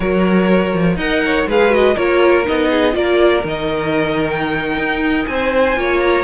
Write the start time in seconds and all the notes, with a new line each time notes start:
0.00 F#3 F#4 A#4 C#5
0.73 F3
0.96 D#4 A#4 D#5 F#5
1.25 C#5
1.46 G#3 G#4 B4 F5
1.69 F#4 D#5
1.94 A#3 F4 A#4 C#5
2.45 B3 D#4 D#5
2.70 G#4
2.92 A#3 F4 A#4 D5
3.44 D#3 D#4 D#5
4.30 G5
4.77 D#4
5.26 C4 C5 G#5
5.76 A#3 F4 C#5
6.00 A#5